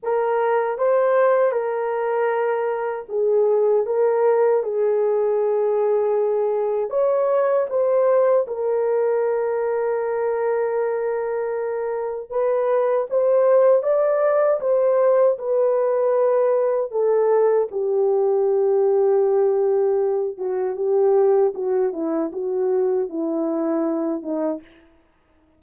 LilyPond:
\new Staff \with { instrumentName = "horn" } { \time 4/4 \tempo 4 = 78 ais'4 c''4 ais'2 | gis'4 ais'4 gis'2~ | gis'4 cis''4 c''4 ais'4~ | ais'1 |
b'4 c''4 d''4 c''4 | b'2 a'4 g'4~ | g'2~ g'8 fis'8 g'4 | fis'8 e'8 fis'4 e'4. dis'8 | }